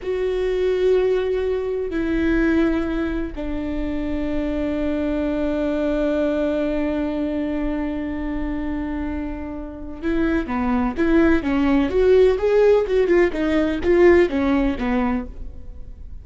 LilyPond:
\new Staff \with { instrumentName = "viola" } { \time 4/4 \tempo 4 = 126 fis'1 | e'2. d'4~ | d'1~ | d'1~ |
d'1~ | d'4 e'4 b4 e'4 | cis'4 fis'4 gis'4 fis'8 f'8 | dis'4 f'4 cis'4 b4 | }